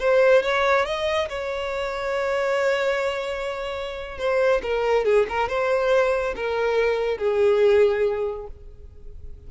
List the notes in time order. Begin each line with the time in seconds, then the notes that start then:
0.00 C5
0.43 C#5
0.86 D#5
1.29 C#5
4.19 C5
4.63 A#4
5.05 G#4
5.30 A#4
5.49 C5
6.36 A#4
7.18 G#4